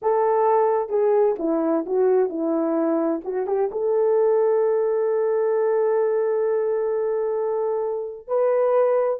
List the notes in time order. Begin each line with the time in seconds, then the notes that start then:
0.01 A4
0.89 G#4
1.38 E4
1.86 F#4
2.29 E4
3.24 F#4
3.46 G4
3.71 A4
8.27 B4